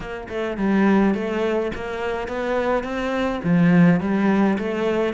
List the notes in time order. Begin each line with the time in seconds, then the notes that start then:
0.00 A#3
0.28 A3
0.57 G3
1.14 A3
1.75 A#3
2.28 B3
2.83 C4
3.43 F3
4.00 G3
4.58 A3